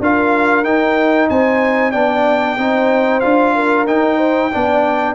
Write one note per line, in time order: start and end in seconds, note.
0.00 0.64 D4
0.00 0.65 F4
0.00 1.30 A#4
0.00 0.64 F5
0.64 1.28 D#4
0.64 1.93 D#4
0.64 1.29 G5
1.30 1.94 C4
1.30 1.92 C5
1.30 1.92 G#5
1.92 2.58 B3
1.92 2.58 D4
1.92 2.56 D5
1.92 3.21 G5
2.58 3.22 C4
2.58 3.22 D#4
2.58 3.55 C5
3.21 3.87 D4
3.21 3.86 F4
3.21 3.85 F5
3.55 4.17 A#4
3.87 4.51 D#4
3.87 5.15 G5
4.17 4.50 C5
4.52 5.15 B3
4.52 5.15 D4
4.52 5.15 D5